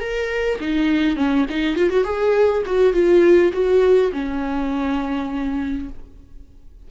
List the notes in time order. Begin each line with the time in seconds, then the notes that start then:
0.00 A#4
0.60 D#4
1.16 C#4
1.49 D#4
1.76 F4
1.89 F#4
2.04 G#4
2.66 F#4
2.93 F4
3.52 F#4
4.12 C#4